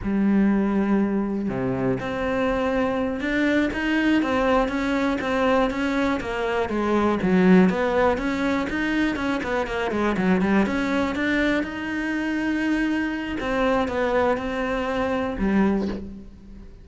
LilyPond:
\new Staff \with { instrumentName = "cello" } { \time 4/4 \tempo 4 = 121 g2. c4 | c'2~ c'8 d'4 dis'8~ | dis'8 c'4 cis'4 c'4 cis'8~ | cis'8 ais4 gis4 fis4 b8~ |
b8 cis'4 dis'4 cis'8 b8 ais8 | gis8 fis8 g8 cis'4 d'4 dis'8~ | dis'2. c'4 | b4 c'2 g4 | }